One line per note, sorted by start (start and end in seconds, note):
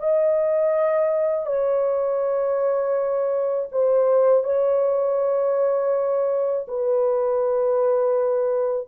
0.00 1.46 D#5
1.46 3.69 C#5
3.72 4.44 C5
4.44 6.66 C#5
6.68 8.88 B4